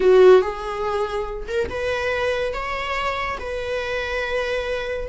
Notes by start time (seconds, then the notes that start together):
0.00 F#4
0.41 G#4
1.47 A#4
1.69 B4
2.53 C#5
3.39 B4